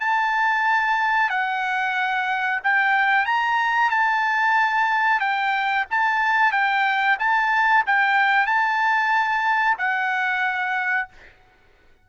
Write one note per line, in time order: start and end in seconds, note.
0.00 1.30 A5
1.30 2.60 F#5
2.64 3.26 G5
3.26 3.91 A#5
3.91 5.20 A5
5.20 5.85 G5
5.91 6.52 A5
6.52 7.18 G5
7.19 7.84 A5
7.87 8.47 G5
8.47 9.77 A5
9.78 11.09 F#5